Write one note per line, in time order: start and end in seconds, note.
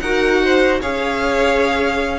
0.00 0.80 D#4
0.00 0.82 F#4
0.00 0.43 A#4
0.00 0.80 F#5
0.45 0.81 C5
0.81 2.19 C#4
0.81 2.19 G#4
0.81 2.19 C#5
0.81 2.19 F5